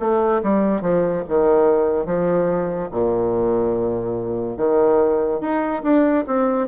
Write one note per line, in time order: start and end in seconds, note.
0.00 0.42 A3
0.44 0.82 G3
0.82 1.23 F3
1.28 2.06 D#3
2.06 2.89 F3
2.92 4.58 A#2
4.58 5.41 D#3
5.41 5.83 D#4
5.83 6.25 D4
6.27 6.68 C4